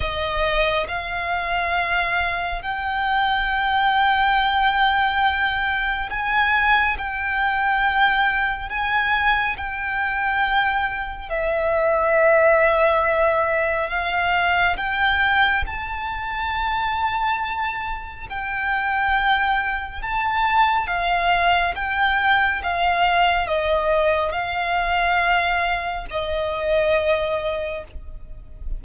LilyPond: \new Staff \with { instrumentName = "violin" } { \time 4/4 \tempo 4 = 69 dis''4 f''2 g''4~ | g''2. gis''4 | g''2 gis''4 g''4~ | g''4 e''2. |
f''4 g''4 a''2~ | a''4 g''2 a''4 | f''4 g''4 f''4 dis''4 | f''2 dis''2 | }